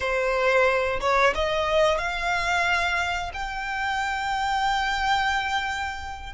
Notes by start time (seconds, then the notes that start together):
0.00 C5
1.00 C#5
1.35 D#5
1.98 F5
3.33 G5